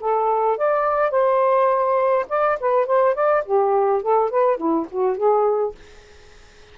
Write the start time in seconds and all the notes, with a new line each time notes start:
0.00 A4
0.57 D5
1.10 C5
2.29 D5
2.60 B4
2.86 C5
3.14 D5
3.45 G4
4.02 A4
4.30 B4
4.57 E4
4.90 F#4
5.17 G#4